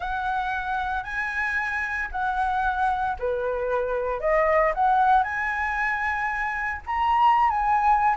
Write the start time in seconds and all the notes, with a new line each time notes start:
0.00 F#5
1.03 G#5
2.11 F#5
3.19 B4
4.20 D#5
4.74 F#5
5.23 G#5
6.86 A#5
7.50 G#5